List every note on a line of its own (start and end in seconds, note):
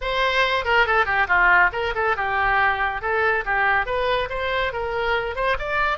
0.01 0.64 C5
0.64 0.86 A#4
0.86 1.05 A4
1.05 1.27 G4
1.27 1.70 F4
1.72 1.93 A#4
1.94 2.16 A4
2.16 3.01 G4
3.01 3.44 A4
3.45 3.86 G4
3.86 4.28 B4
4.29 4.72 C5
4.73 5.35 A#4
5.35 5.57 C5
5.58 5.98 D5